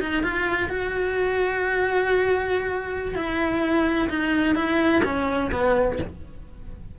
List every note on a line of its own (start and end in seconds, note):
0.00 0.23 D#4
0.23 0.69 F4
0.69 3.15 F#4
3.15 4.09 E4
4.09 4.55 D#4
4.55 5.02 E4
5.04 5.51 C#4
5.52 5.99 B3